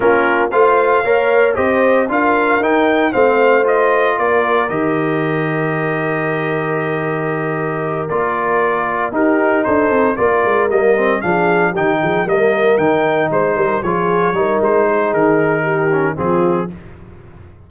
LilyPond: <<
  \new Staff \with { instrumentName = "trumpet" } { \time 4/4 \tempo 4 = 115 ais'4 f''2 dis''4 | f''4 g''4 f''4 dis''4 | d''4 dis''2.~ | dis''2.~ dis''8 d''8~ |
d''4. ais'4 c''4 d''8~ | d''8 dis''4 f''4 g''4 dis''8~ | dis''8 g''4 c''4 cis''4. | c''4 ais'2 gis'4 | }
  \new Staff \with { instrumentName = "horn" } { \time 4/4 f'4 c''4 cis''4 c''4 | ais'2 c''2 | ais'1~ | ais'1~ |
ais'4. g'4 a'4 ais'8~ | ais'4. gis'4 g'8 gis'8 ais'8~ | ais'4. c''8 ais'8 gis'4 ais'8~ | ais'8 gis'4. g'4 f'4 | }
  \new Staff \with { instrumentName = "trombone" } { \time 4/4 cis'4 f'4 ais'4 g'4 | f'4 dis'4 c'4 f'4~ | f'4 g'2.~ | g'2.~ g'8 f'8~ |
f'4. dis'2 f'8~ | f'8 ais8 c'8 d'4 dis'4 ais8~ | ais8 dis'2 f'4 dis'8~ | dis'2~ dis'8 cis'8 c'4 | }
  \new Staff \with { instrumentName = "tuba" } { \time 4/4 ais4 a4 ais4 c'4 | d'4 dis'4 a2 | ais4 dis2.~ | dis2.~ dis8 ais8~ |
ais4. dis'4 d'8 c'8 ais8 | gis8 g4 f4 dis8 f8 g8~ | g8 dis4 gis8 g8 f4 g8 | gis4 dis2 f4 | }
>>